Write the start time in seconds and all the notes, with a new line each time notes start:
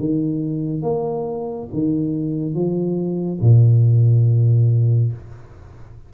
0.00 D#3
0.83 A#3
1.73 D#3
2.55 F3
3.41 A#2